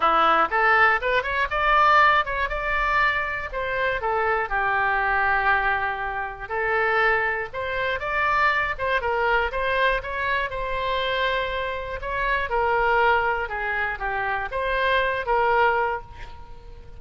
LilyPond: \new Staff \with { instrumentName = "oboe" } { \time 4/4 \tempo 4 = 120 e'4 a'4 b'8 cis''8 d''4~ | d''8 cis''8 d''2 c''4 | a'4 g'2.~ | g'4 a'2 c''4 |
d''4. c''8 ais'4 c''4 | cis''4 c''2. | cis''4 ais'2 gis'4 | g'4 c''4. ais'4. | }